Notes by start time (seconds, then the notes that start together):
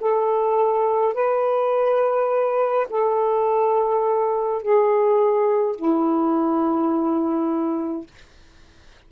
0.00 A4
1.14 B4
2.90 A4
4.62 G#4
5.76 E4